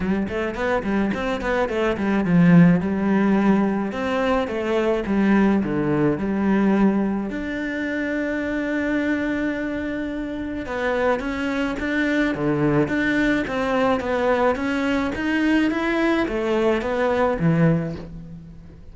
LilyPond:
\new Staff \with { instrumentName = "cello" } { \time 4/4 \tempo 4 = 107 g8 a8 b8 g8 c'8 b8 a8 g8 | f4 g2 c'4 | a4 g4 d4 g4~ | g4 d'2.~ |
d'2. b4 | cis'4 d'4 d4 d'4 | c'4 b4 cis'4 dis'4 | e'4 a4 b4 e4 | }